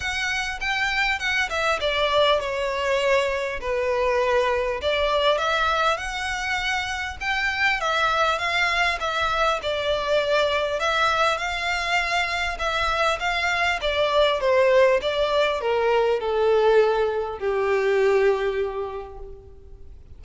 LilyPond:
\new Staff \with { instrumentName = "violin" } { \time 4/4 \tempo 4 = 100 fis''4 g''4 fis''8 e''8 d''4 | cis''2 b'2 | d''4 e''4 fis''2 | g''4 e''4 f''4 e''4 |
d''2 e''4 f''4~ | f''4 e''4 f''4 d''4 | c''4 d''4 ais'4 a'4~ | a'4 g'2. | }